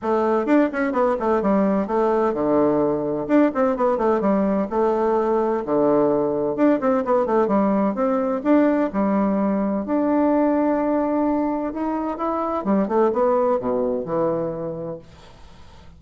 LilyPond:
\new Staff \with { instrumentName = "bassoon" } { \time 4/4 \tempo 4 = 128 a4 d'8 cis'8 b8 a8 g4 | a4 d2 d'8 c'8 | b8 a8 g4 a2 | d2 d'8 c'8 b8 a8 |
g4 c'4 d'4 g4~ | g4 d'2.~ | d'4 dis'4 e'4 g8 a8 | b4 b,4 e2 | }